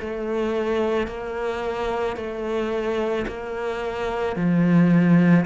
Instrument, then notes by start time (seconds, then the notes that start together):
cello
0.00 A3
1.08 A#3
2.17 A3
3.27 A#3
4.36 F3